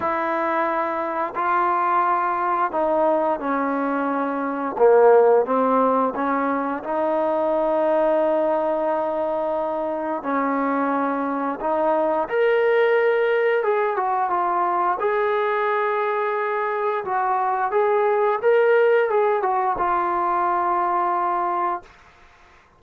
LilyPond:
\new Staff \with { instrumentName = "trombone" } { \time 4/4 \tempo 4 = 88 e'2 f'2 | dis'4 cis'2 ais4 | c'4 cis'4 dis'2~ | dis'2. cis'4~ |
cis'4 dis'4 ais'2 | gis'8 fis'8 f'4 gis'2~ | gis'4 fis'4 gis'4 ais'4 | gis'8 fis'8 f'2. | }